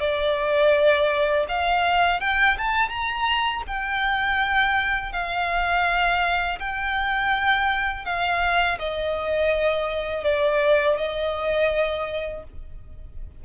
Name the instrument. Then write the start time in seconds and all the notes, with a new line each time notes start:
violin
0.00 D5
1.48 F5
2.21 G5
2.58 A5
2.89 A#5
3.68 G5
5.13 F5
6.59 G5
8.05 F5
8.79 D#5
10.24 D5
10.98 D#5